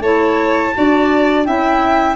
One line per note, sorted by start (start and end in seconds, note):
0.00 0.71 A3
0.00 0.74 E4
0.00 0.74 C#5
0.00 1.44 A5
0.74 1.47 D4
0.74 1.45 F#4
0.74 1.46 D5
1.44 2.15 C#4
1.44 2.15 E4
1.44 2.15 E5
1.44 2.15 G5